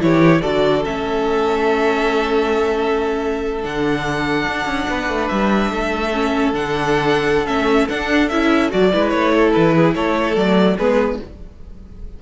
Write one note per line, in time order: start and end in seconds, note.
0.00 0.42 E3
0.00 0.41 E4
0.00 0.42 G4
0.00 0.42 C#5
0.42 0.86 D3
0.42 0.84 F#4
0.42 4.86 A4
0.42 0.83 D5
0.84 3.64 A3
0.84 3.62 C#4
0.84 3.64 E5
3.62 4.47 D3
3.62 6.11 D4
3.62 5.28 F#5
4.47 4.66 D4
4.66 4.86 C#4
4.89 5.08 B3
4.89 5.71 B4
5.08 5.29 A3
5.28 5.71 G3
5.28 6.52 E5
5.71 6.53 A3
5.71 8.92 A4
6.13 6.53 C#4
6.53 7.46 D3
6.53 7.46 D4
6.53 7.46 F#5
7.46 7.88 A3
7.46 7.87 C#4
7.46 7.88 E5
7.89 8.31 D4
7.89 8.29 F#5
8.29 8.72 C#4
8.29 8.70 E4
8.29 8.70 E5
8.70 8.94 F#3
8.70 8.91 F#4
8.70 9.09 D5
8.92 9.13 G#3
8.92 10.35 E4
8.92 9.34 B4
9.09 9.55 A3
9.09 9.50 C#5
9.34 9.76 A4
9.53 9.95 E3
9.53 9.94 B4
9.76 9.96 G#4
9.95 10.36 A3
9.95 10.77 A4
9.95 10.36 C#5
10.35 10.78 F#3
10.35 10.76 A3
10.35 10.77 D5
10.77 11.20 G#3
10.77 11.22 B3
10.77 11.18 G#4
10.77 11.20 B4